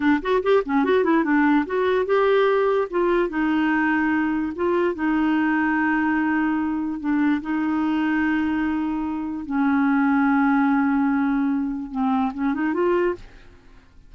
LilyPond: \new Staff \with { instrumentName = "clarinet" } { \time 4/4 \tempo 4 = 146 d'8 fis'8 g'8 cis'8 fis'8 e'8 d'4 | fis'4 g'2 f'4 | dis'2. f'4 | dis'1~ |
dis'4 d'4 dis'2~ | dis'2. cis'4~ | cis'1~ | cis'4 c'4 cis'8 dis'8 f'4 | }